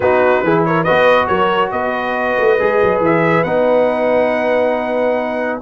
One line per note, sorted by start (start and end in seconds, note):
0.00 0.42 B3
0.00 0.45 D#4
0.00 0.43 F#4
0.00 0.64 B4
0.42 0.86 E3
0.42 0.86 E4
0.42 0.65 G#4
0.65 0.84 A#4
0.65 0.83 C#5
0.83 1.29 B3
0.83 2.59 F#4
0.83 1.27 B4
0.83 1.27 D#5
1.27 1.71 F#3
1.27 1.71 A#4
1.27 1.70 C#5
1.71 2.36 B3
1.71 5.61 B4
1.71 3.01 D#5
2.38 2.59 A3
2.59 2.82 G#3
2.59 3.45 G#4
2.82 3.00 F#3
3.00 3.43 E3
3.00 3.43 E5
3.43 5.60 B3
3.43 5.61 D#4
3.43 5.59 F#5